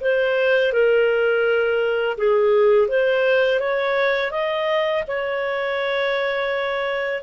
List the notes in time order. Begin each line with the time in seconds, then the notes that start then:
0.00 C5
0.72 A#4
2.17 G#4
2.88 C5
3.59 C#5
4.31 D#5
5.07 C#5